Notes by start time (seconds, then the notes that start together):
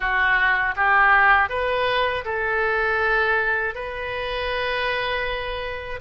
0.00 F#4
0.76 G4
1.49 B4
2.24 A4
3.75 B4